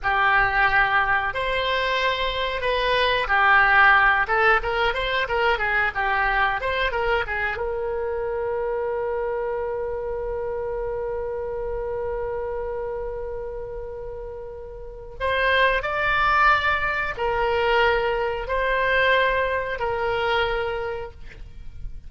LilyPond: \new Staff \with { instrumentName = "oboe" } { \time 4/4 \tempo 4 = 91 g'2 c''2 | b'4 g'4. a'8 ais'8 c''8 | ais'8 gis'8 g'4 c''8 ais'8 gis'8 ais'8~ | ais'1~ |
ais'1~ | ais'2. c''4 | d''2 ais'2 | c''2 ais'2 | }